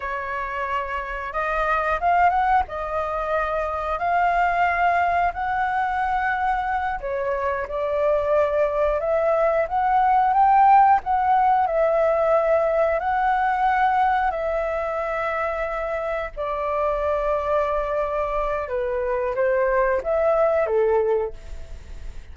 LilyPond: \new Staff \with { instrumentName = "flute" } { \time 4/4 \tempo 4 = 90 cis''2 dis''4 f''8 fis''8 | dis''2 f''2 | fis''2~ fis''8 cis''4 d''8~ | d''4. e''4 fis''4 g''8~ |
g''8 fis''4 e''2 fis''8~ | fis''4. e''2~ e''8~ | e''8 d''2.~ d''8 | b'4 c''4 e''4 a'4 | }